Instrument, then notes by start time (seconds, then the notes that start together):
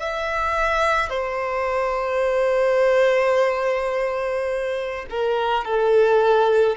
violin
0.00 E5
1.10 C5
5.10 A#4
5.65 A4